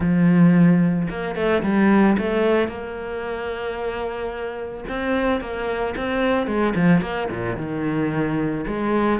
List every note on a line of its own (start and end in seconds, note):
0.00 1.08 F3
1.09 1.35 A#3
1.35 1.62 A3
1.62 2.16 G3
2.17 2.68 A3
2.68 4.84 A#3
4.88 5.40 C4
5.40 5.94 A#3
5.97 6.46 C4
6.46 6.73 G#3
6.75 7.01 F3
7.01 7.28 A#3
7.30 7.57 A#2
7.57 8.65 D#3
8.66 9.20 G#3